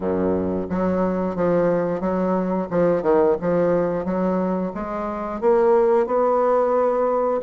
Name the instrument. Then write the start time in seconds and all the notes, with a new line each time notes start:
bassoon
0.00 F#2
0.69 F#3
1.35 F3
2.00 F#3
2.70 F3
3.02 D#3
3.40 F3
4.04 F#3
4.74 G#3
5.41 A#3
6.06 B3